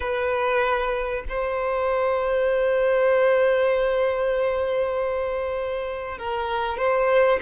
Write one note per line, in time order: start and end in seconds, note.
0.00 1.24 B4
1.28 6.17 C5
6.17 6.77 A#4
6.77 7.39 C5